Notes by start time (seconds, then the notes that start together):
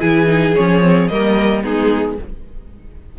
0.00 E3 E4 G#4 G#5
0.26 D#4
0.55 F3 C#4 C#5
0.82 C4
1.07 G3 A#3 A#4 D#5
1.62 G#3 B3 D#4 G#4